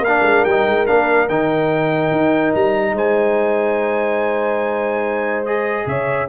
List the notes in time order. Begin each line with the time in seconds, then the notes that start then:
0.00 A#3 A#4 F5
0.07 D4
0.22 G#3
0.45 G3 D#4 G5
0.67 G#3
0.87 A#3 D4 F5
1.29 D#3 D#4 G5
2.12 D#4
2.55 G3 A#5
2.93 G#3 C5 G#5
5.46 G#4 D#5
5.87 C#3 C#5 E5